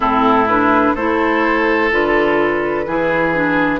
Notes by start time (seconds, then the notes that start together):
0.00 A2 C4 E4 A4
0.47 D4 B4
0.94 A3 E4 A4 C5
1.91 D3 F4 B4
2.86 E3 E4 G#4
3.34 D4